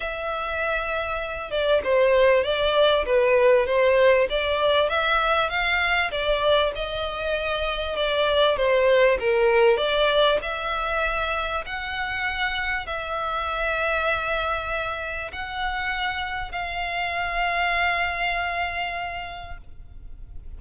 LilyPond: \new Staff \with { instrumentName = "violin" } { \time 4/4 \tempo 4 = 98 e''2~ e''8 d''8 c''4 | d''4 b'4 c''4 d''4 | e''4 f''4 d''4 dis''4~ | dis''4 d''4 c''4 ais'4 |
d''4 e''2 fis''4~ | fis''4 e''2.~ | e''4 fis''2 f''4~ | f''1 | }